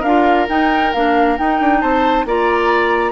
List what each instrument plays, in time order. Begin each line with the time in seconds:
0.00 bassoon D4, clarinet F4, oboe A#4, flute F5
0.48 clarinet D#4, bassoon D#4, flute G5
0.93 bassoon A#3, clarinet D4, flute F5
1.38 clarinet D#4, bassoon D#4, flute G5
1.60 bassoon D4
1.81 bassoon C4, oboe C5, flute A5
2.25 bassoon A#3, clarinet F4, oboe D5, flute A#5